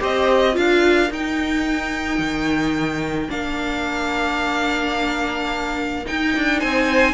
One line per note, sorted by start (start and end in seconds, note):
0.00 0.57 C4
0.00 0.53 G4
0.00 0.54 C5
0.00 0.57 D#5
0.53 1.11 D4
0.53 1.08 F4
0.53 6.60 A#4
0.53 1.12 F5
1.11 2.19 D#4
1.11 3.29 D#4
1.11 3.31 G5
2.19 3.29 D#3
3.29 6.06 A#3
3.29 6.04 D4
3.29 6.06 F5
6.06 7.14 D#4
6.06 6.36 D#4
6.06 6.60 G5
6.36 6.63 D4
6.60 7.14 C4
6.60 7.14 C5
6.60 7.14 G#5